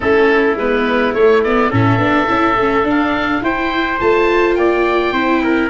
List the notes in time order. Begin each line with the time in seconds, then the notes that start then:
0.00 A3 C#4 E4 A4
0.55 G#3 B3 B4
1.14 A3 C#5
1.43 B3 D5
1.70 A2 C#4 A4 E5
1.98 B3 D4
2.27 C#4 E4
2.56 A3 C#4
2.83 D4 F5
3.41 E4 C5 G5
3.99 A3 F4 A5
4.55 A#3 D5 G5
5.12 C4 E4 C5
5.43 A#4